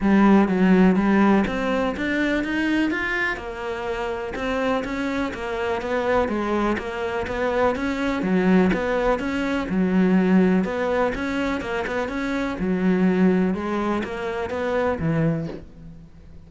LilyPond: \new Staff \with { instrumentName = "cello" } { \time 4/4 \tempo 4 = 124 g4 fis4 g4 c'4 | d'4 dis'4 f'4 ais4~ | ais4 c'4 cis'4 ais4 | b4 gis4 ais4 b4 |
cis'4 fis4 b4 cis'4 | fis2 b4 cis'4 | ais8 b8 cis'4 fis2 | gis4 ais4 b4 e4 | }